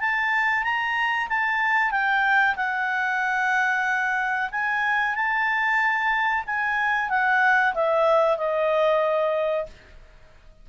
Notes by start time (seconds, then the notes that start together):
0.00 A5
0.63 A#5
1.29 A5
1.91 G5
2.56 F#5
4.51 G#5
5.15 A5
6.46 G#5
7.09 F#5
7.74 E5
8.37 D#5